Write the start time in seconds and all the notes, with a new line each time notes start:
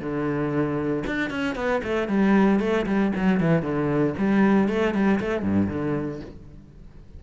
0.00 D3
1.07 D4
1.30 C#4
1.55 B3
1.83 A3
2.08 G3
2.60 A3
2.86 G3
3.16 F#3
3.40 E3
3.62 D3
4.17 G3
4.68 A3
4.94 G3
5.20 A3
5.42 G2
5.68 D3